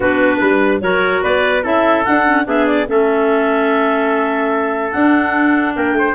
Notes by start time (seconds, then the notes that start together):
0.00 B3 D4 F#4 B4
0.40 G3 B4
0.81 F#3 F#4 A#4 C#5
1.23 B3 B4 D5
1.63 C#4 E4 A4 E5
2.05 D4 F#5
2.26 C#4
2.45 B3 D4 G#4 E5
2.66 D5
2.87 A3 C#4 A4 E5
4.91 D4 F#5
5.75 A#3 A#4 G5
5.92 A3 C5